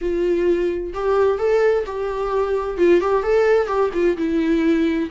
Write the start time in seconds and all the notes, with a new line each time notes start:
0.01 F4
0.93 G4
1.38 A4
1.86 G4
2.77 F4
3.01 G4
3.22 A4
3.66 G4
3.93 F4
4.17 E4